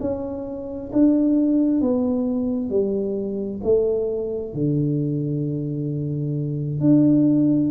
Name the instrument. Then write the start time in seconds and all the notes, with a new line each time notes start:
tuba
0.00 C#4
0.92 D4
1.81 B3
2.69 G3
3.63 A3
4.54 D3
6.80 D4